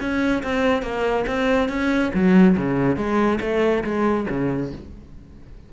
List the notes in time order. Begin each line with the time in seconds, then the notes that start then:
0.00 C#4
0.43 C4
0.82 A#3
1.27 C4
1.69 C#4
2.14 F#3
2.57 C#3
2.96 G#3
3.41 A3
3.84 G#3
4.30 C#3